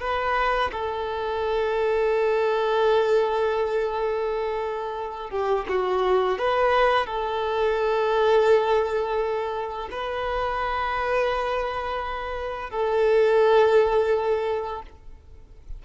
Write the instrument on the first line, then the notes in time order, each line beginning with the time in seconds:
violin
0.00 B4
0.72 A4
5.30 G4
5.69 F#4
6.38 B4
7.06 A4
9.90 B4
12.70 A4